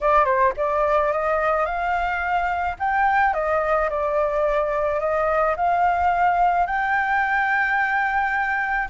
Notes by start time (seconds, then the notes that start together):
0.00 D5
0.24 C5
0.56 D5
1.12 D#5
1.65 F5
2.79 G5
3.33 D#5
3.89 D5
4.99 D#5
5.56 F5
6.66 G5